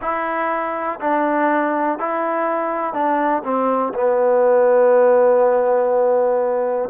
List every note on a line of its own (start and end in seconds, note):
0.01 0.99 E4
1.00 1.99 D4
1.99 2.93 E4
2.93 3.42 D4
3.44 3.93 C4
3.93 6.89 B3